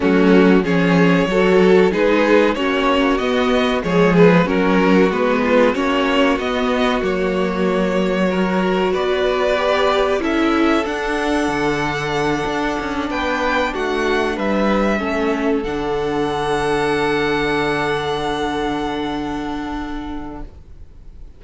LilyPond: <<
  \new Staff \with { instrumentName = "violin" } { \time 4/4 \tempo 4 = 94 fis'4 cis''2 b'4 | cis''4 dis''4 cis''8 b'8 ais'4 | b'4 cis''4 dis''4 cis''4~ | cis''2 d''2 |
e''4 fis''2.~ | fis''8 g''4 fis''4 e''4.~ | e''8 fis''2.~ fis''8~ | fis''1 | }
  \new Staff \with { instrumentName = "violin" } { \time 4/4 cis'4 gis'4 a'4 gis'4 | fis'2 gis'4 fis'4~ | fis'8 f'8 fis'2.~ | fis'4 ais'4 b'2 |
a'1~ | a'8 b'4 fis'4 b'4 a'8~ | a'1~ | a'1 | }
  \new Staff \with { instrumentName = "viola" } { \time 4/4 a4 cis'4 fis'4 dis'4 | cis'4 b4 gis4 cis'4 | b4 cis'4 b4 ais4~ | ais4 fis'2 g'4 |
e'4 d'2.~ | d'2.~ d'8 cis'8~ | cis'8 d'2.~ d'8~ | d'1 | }
  \new Staff \with { instrumentName = "cello" } { \time 4/4 fis4 f4 fis4 gis4 | ais4 b4 f4 fis4 | gis4 ais4 b4 fis4~ | fis2 b2 |
cis'4 d'4 d4. d'8 | cis'8 b4 a4 g4 a8~ | a8 d2.~ d8~ | d1 | }
>>